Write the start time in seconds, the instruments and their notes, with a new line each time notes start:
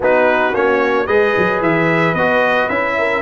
0.00 tuba B3, trombone D#4, horn F#4, trumpet B4
0.52 tuba A#3, trombone C#4, trumpet C#5
1.06 tuba G#3, trombone G#4, horn B4, trumpet D#5
1.37 tuba F#3
1.61 tuba E3, trumpet E5
2.13 tuba B3, trombone F#4, trumpet D#5
2.69 tuba C#4, trombone E4, trumpet E5
2.98 horn A#4